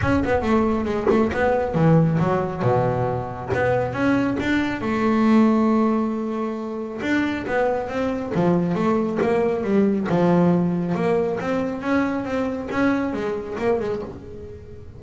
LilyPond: \new Staff \with { instrumentName = "double bass" } { \time 4/4 \tempo 4 = 137 cis'8 b8 a4 gis8 a8 b4 | e4 fis4 b,2 | b4 cis'4 d'4 a4~ | a1 |
d'4 b4 c'4 f4 | a4 ais4 g4 f4~ | f4 ais4 c'4 cis'4 | c'4 cis'4 gis4 ais8 gis8 | }